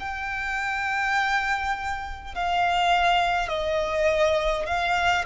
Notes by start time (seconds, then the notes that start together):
0.00 G5
2.35 F5
3.49 D#5
4.66 F5